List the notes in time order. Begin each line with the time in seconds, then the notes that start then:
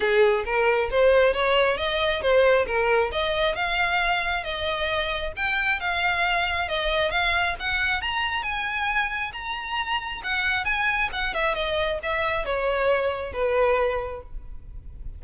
0.00 G#4
0.45 A#4
0.90 C5
1.33 C#5
1.77 D#5
2.21 C5
2.66 A#4
3.12 D#5
3.55 F5
4.43 D#5
5.36 G5
5.79 F5
6.68 D#5
7.10 F5
7.59 F#5
8.01 A#5
8.42 G#5
9.32 A#5
10.23 F#5
10.64 G#5
11.12 F#5
11.34 E5
11.54 D#5
12.02 E5
12.45 C#5
13.33 B4